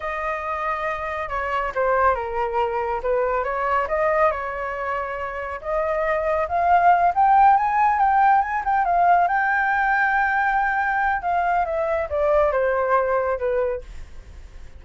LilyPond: \new Staff \with { instrumentName = "flute" } { \time 4/4 \tempo 4 = 139 dis''2. cis''4 | c''4 ais'2 b'4 | cis''4 dis''4 cis''2~ | cis''4 dis''2 f''4~ |
f''8 g''4 gis''4 g''4 gis''8 | g''8 f''4 g''2~ g''8~ | g''2 f''4 e''4 | d''4 c''2 b'4 | }